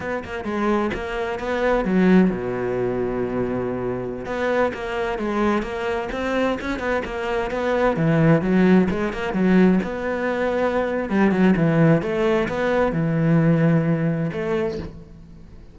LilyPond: \new Staff \with { instrumentName = "cello" } { \time 4/4 \tempo 4 = 130 b8 ais8 gis4 ais4 b4 | fis4 b,2.~ | b,4~ b,16 b4 ais4 gis8.~ | gis16 ais4 c'4 cis'8 b8 ais8.~ |
ais16 b4 e4 fis4 gis8 ais16~ | ais16 fis4 b2~ b8. | g8 fis8 e4 a4 b4 | e2. a4 | }